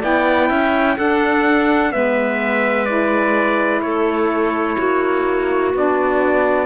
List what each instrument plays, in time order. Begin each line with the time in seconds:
0.00 cello B3, saxophone E4, clarinet D5, trumpet G5
0.47 cello C#4, clarinet E5
0.96 saxophone D4, cello D4, clarinet A4, trumpet F#5
1.91 cello G#3, saxophone B3, clarinet B4, trumpet E5
2.85 saxophone E4, trumpet D5
3.81 cello A3, clarinet A4, trumpet C#5
4.77 cello A#3, clarinet F#4
5.74 cello B3, saxophone D4, trumpet D5